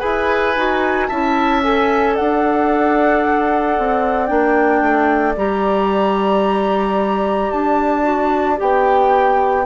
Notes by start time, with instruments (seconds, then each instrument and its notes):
0.00 bassoon E4, clarinet G#4, oboe B4, flute G#5
0.57 bassoon D#4, clarinet F#4
1.08 bassoon C#4, clarinet E4, oboe E5, flute A5
1.63 clarinet A4, flute G#5
2.14 bassoon D4, oboe D5, flute F#5
3.79 bassoon C4
4.27 bassoon A#3, clarinet D4, flute G5
4.82 bassoon A3
5.37 bassoon G3, clarinet G4, flute A#5
7.51 bassoon D4, flute A5
8.03 clarinet F#4
8.57 bassoon B3, clarinet G4, flute G5